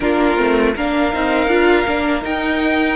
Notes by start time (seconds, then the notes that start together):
0.00 A#3 D4 F4 A#4
0.36 A3 C4
0.75 A#3 D4 A#4 F5
1.12 C4 D#4
1.47 D4 F4
1.87 A#3 D4
2.22 D#4 G5